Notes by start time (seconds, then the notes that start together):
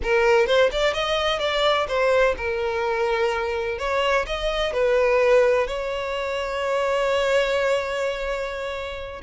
0.02 A#4
0.46 C5
0.71 D5
0.93 D#5
1.39 D5
1.88 C5
2.37 A#4
3.78 C#5
4.26 D#5
4.72 B4
5.67 C#5